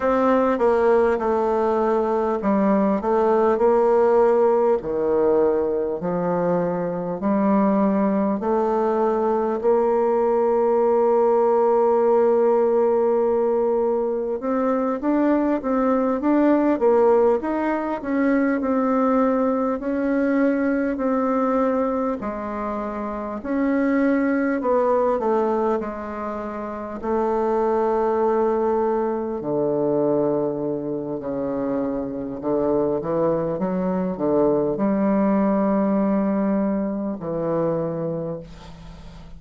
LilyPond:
\new Staff \with { instrumentName = "bassoon" } { \time 4/4 \tempo 4 = 50 c'8 ais8 a4 g8 a8 ais4 | dis4 f4 g4 a4 | ais1 | c'8 d'8 c'8 d'8 ais8 dis'8 cis'8 c'8~ |
c'8 cis'4 c'4 gis4 cis'8~ | cis'8 b8 a8 gis4 a4.~ | a8 d4. cis4 d8 e8 | fis8 d8 g2 e4 | }